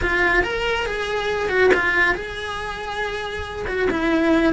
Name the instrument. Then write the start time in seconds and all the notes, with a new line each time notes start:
cello
0.02 F4
0.43 A#4
0.86 G#4
1.49 F#4
1.74 F4
2.14 G#4
3.67 F#4
3.90 E4